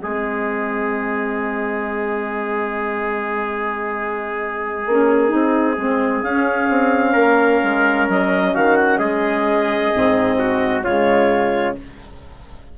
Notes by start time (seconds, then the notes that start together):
0.00 G#3 C4 G#4 D#5
4.87 A#3 C#4
5.28 C4 D#4
5.77 G#3 C4
6.23 C#4 F5
6.70 C4
7.13 A#3 A#4
7.63 G#3
8.09 F#3 D#5
8.54 D#3 F#4 F5
8.76 F#5
8.98 G#3 G#4 D#5
9.92 G#2 C4
10.39 F#4
10.83 C#3 G#3 F4 C#5